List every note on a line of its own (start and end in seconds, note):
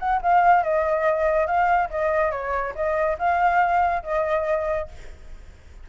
0.00 0.21 F#5
0.22 0.63 F5
0.63 1.47 D#5
1.47 1.90 F5
1.91 2.32 D#5
2.32 2.74 C#5
2.76 3.18 D#5
3.19 4.03 F5
4.03 4.89 D#5